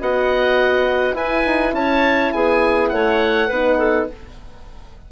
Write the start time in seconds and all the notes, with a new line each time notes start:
0.00 B3 F#4 D#5 F#5
1.13 E4 B4 G#5
1.45 D#4
1.72 C#4 C#5 A5
2.32 B3 G#4 G#5
2.89 A3 C#5 F#5
3.47 B3 D#4 B4
3.77 A4